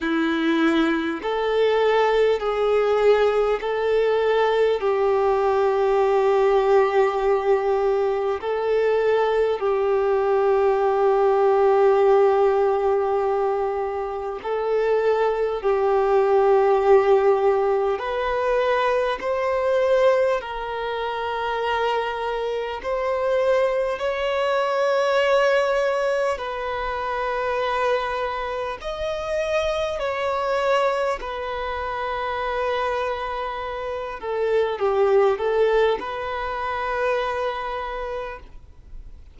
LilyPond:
\new Staff \with { instrumentName = "violin" } { \time 4/4 \tempo 4 = 50 e'4 a'4 gis'4 a'4 | g'2. a'4 | g'1 | a'4 g'2 b'4 |
c''4 ais'2 c''4 | cis''2 b'2 | dis''4 cis''4 b'2~ | b'8 a'8 g'8 a'8 b'2 | }